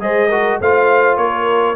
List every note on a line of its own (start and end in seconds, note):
0.00 0.60 G#3
0.00 0.30 G#4
0.00 0.29 C5
0.00 0.61 D#5
0.29 0.61 F#4
0.29 0.59 A#4
0.61 1.17 A3
0.61 1.76 F4
0.61 1.20 C5
0.61 1.18 F5
1.17 1.76 A#3
1.17 1.76 A#4
1.17 1.76 C#5